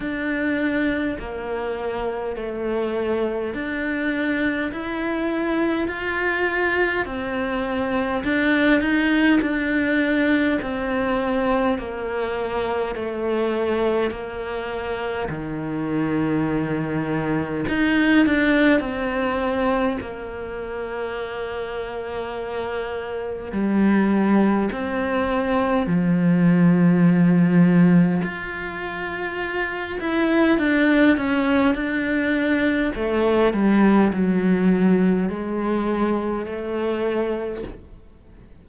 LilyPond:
\new Staff \with { instrumentName = "cello" } { \time 4/4 \tempo 4 = 51 d'4 ais4 a4 d'4 | e'4 f'4 c'4 d'8 dis'8 | d'4 c'4 ais4 a4 | ais4 dis2 dis'8 d'8 |
c'4 ais2. | g4 c'4 f2 | f'4. e'8 d'8 cis'8 d'4 | a8 g8 fis4 gis4 a4 | }